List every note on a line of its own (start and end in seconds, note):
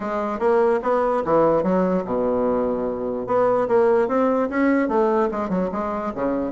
0.00 0.39 G#3
0.39 0.80 A#3
0.82 1.23 B3
1.24 1.63 E3
1.63 2.04 F#3
2.04 3.27 B2
3.27 3.67 B3
3.68 4.08 A#3
4.08 4.48 C4
4.49 4.88 C#4
4.88 5.29 A3
5.31 5.49 G#3
5.49 5.69 F#3
5.71 6.12 G#3
6.14 6.52 C#3